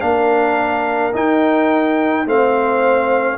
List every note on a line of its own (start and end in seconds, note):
0.00 1.14 A#3
0.00 1.12 D4
0.00 2.27 A#4
0.00 1.12 F5
1.13 2.25 D#4
1.13 2.26 D#4
1.13 2.28 G5
2.26 3.37 A3
2.26 3.37 C4
2.26 3.37 C5
2.26 3.37 F5